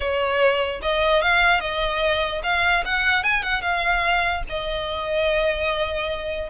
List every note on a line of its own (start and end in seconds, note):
0.00 0.81 C#5
0.81 1.22 D#5
1.22 1.60 F5
1.60 2.41 D#5
2.43 2.83 F5
2.85 3.23 F#5
3.23 3.42 G#5
3.42 3.61 F#5
3.61 4.42 F5
4.49 6.49 D#5